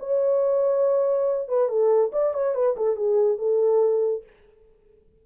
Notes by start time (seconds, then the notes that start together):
0.00 C#5
1.49 B4
1.69 A4
2.13 D5
2.34 C#5
2.55 B4
2.77 A4
2.97 G#4
3.39 A4